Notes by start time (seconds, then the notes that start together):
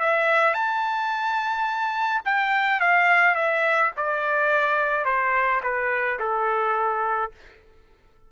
0.00 E5
0.54 A5
2.25 G5
2.80 F5
3.35 E5
3.97 D5
5.05 C5
5.63 B4
6.20 A4